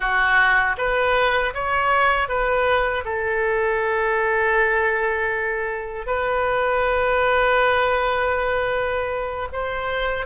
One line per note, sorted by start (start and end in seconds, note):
0.00 0.76 F#4
0.77 1.53 B4
1.54 2.28 C#5
2.28 3.04 B4
3.04 6.06 A4
6.06 9.48 B4
9.52 10.25 C5